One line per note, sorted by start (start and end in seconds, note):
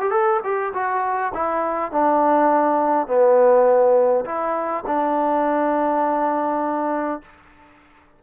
0.00 0.10 G4
0.10 0.40 A4
0.43 0.72 G4
0.73 1.32 F#4
1.34 1.91 E4
1.91 3.07 D4
3.07 4.24 B3
4.25 4.83 E4
4.86 7.21 D4